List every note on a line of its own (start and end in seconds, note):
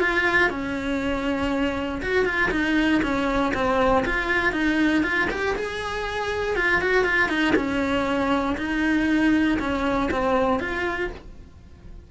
0.00 0.50 F4
0.50 2.01 C#4
2.02 2.25 F#4
2.25 2.50 F4
2.51 3.02 D#4
3.02 3.53 C#4
3.54 4.05 C4
4.06 4.53 F4
4.53 5.03 D#4
5.04 5.29 F4
5.31 5.56 G4
5.56 6.56 G#4
6.56 6.81 F4
6.81 7.04 F#4
7.04 7.29 F4
7.29 7.54 D#4
7.56 8.56 C#4
8.58 9.59 D#4
9.59 10.10 C#4
10.11 10.60 C4
10.60 11.10 F4